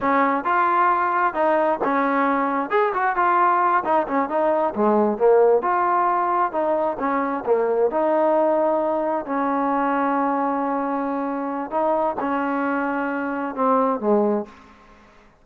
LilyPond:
\new Staff \with { instrumentName = "trombone" } { \time 4/4 \tempo 4 = 133 cis'4 f'2 dis'4 | cis'2 gis'8 fis'8 f'4~ | f'8 dis'8 cis'8 dis'4 gis4 ais8~ | ais8 f'2 dis'4 cis'8~ |
cis'8 ais4 dis'2~ dis'8~ | dis'8 cis'2.~ cis'8~ | cis'2 dis'4 cis'4~ | cis'2 c'4 gis4 | }